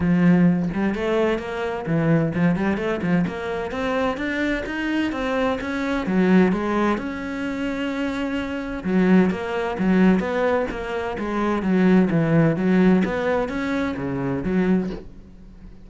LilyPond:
\new Staff \with { instrumentName = "cello" } { \time 4/4 \tempo 4 = 129 f4. g8 a4 ais4 | e4 f8 g8 a8 f8 ais4 | c'4 d'4 dis'4 c'4 | cis'4 fis4 gis4 cis'4~ |
cis'2. fis4 | ais4 fis4 b4 ais4 | gis4 fis4 e4 fis4 | b4 cis'4 cis4 fis4 | }